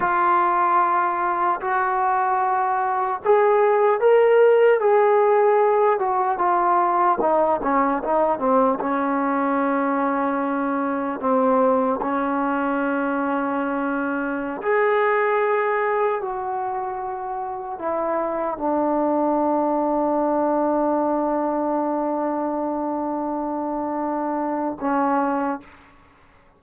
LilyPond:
\new Staff \with { instrumentName = "trombone" } { \time 4/4 \tempo 4 = 75 f'2 fis'2 | gis'4 ais'4 gis'4. fis'8 | f'4 dis'8 cis'8 dis'8 c'8 cis'4~ | cis'2 c'4 cis'4~ |
cis'2~ cis'16 gis'4.~ gis'16~ | gis'16 fis'2 e'4 d'8.~ | d'1~ | d'2. cis'4 | }